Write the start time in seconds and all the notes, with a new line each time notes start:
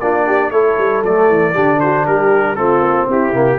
0.00 A#3 D4 F4 D5
0.26 G4
0.51 A3 E4 A4 C#5
0.78 G3
1.03 F#3 A3 D5
1.29 E3
1.54 D3 D4 G4
1.80 F#4 C5
2.06 G3 G4 A#4
2.55 A3 C4 F4 A4
2.81 A#3
3.08 C4 E4 G4
3.33 C3 A#3